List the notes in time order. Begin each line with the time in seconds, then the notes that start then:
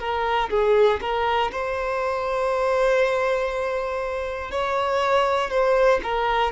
0.00 A#4
0.50 G#4
1.01 A#4
1.52 C5
4.52 C#5
5.50 C5
6.03 A#4